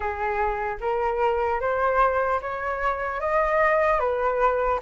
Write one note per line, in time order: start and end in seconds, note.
0.00 0.78 G#4
0.80 1.60 A#4
1.60 2.40 C5
2.41 3.20 C#5
3.20 3.99 D#5
3.99 4.79 B4